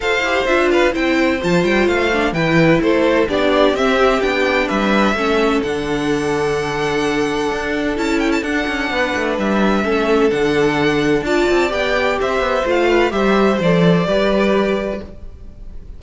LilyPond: <<
  \new Staff \with { instrumentName = "violin" } { \time 4/4 \tempo 4 = 128 f''4 e''8 f''8 g''4 a''8 g''8 | f''4 g''4 c''4 d''4 | e''4 g''4 e''2 | fis''1~ |
fis''4 a''8 g''16 a''16 fis''2 | e''2 fis''2 | a''4 g''4 e''4 f''4 | e''4 d''2. | }
  \new Staff \with { instrumentName = "violin" } { \time 4/4 c''4. b'8 c''2~ | c''4 b'4 a'4 g'4~ | g'2 b'4 a'4~ | a'1~ |
a'2. b'4~ | b'4 a'2. | d''2 c''4. b'8 | c''2 b'2 | }
  \new Staff \with { instrumentName = "viola" } { \time 4/4 a'8 g'8 f'4 e'4 f'4~ | f'8 d'8 e'2 d'4 | c'4 d'2 cis'4 | d'1~ |
d'4 e'4 d'2~ | d'4 cis'4 d'2 | f'4 g'2 f'4 | g'4 a'4 g'2 | }
  \new Staff \with { instrumentName = "cello" } { \time 4/4 f'8 e'8 d'4 c'4 f8 g8 | a4 e4 a4 b4 | c'4 b4 g4 a4 | d1 |
d'4 cis'4 d'8 cis'8 b8 a8 | g4 a4 d2 | d'8 c'8 b4 c'8 b8 a4 | g4 f4 g2 | }
>>